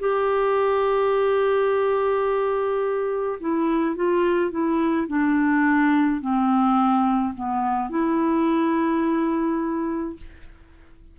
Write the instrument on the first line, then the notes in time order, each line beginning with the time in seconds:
clarinet
0.00 G4
3.40 E4
3.96 F4
4.51 E4
5.08 D4
6.21 C4
7.35 B3
7.90 E4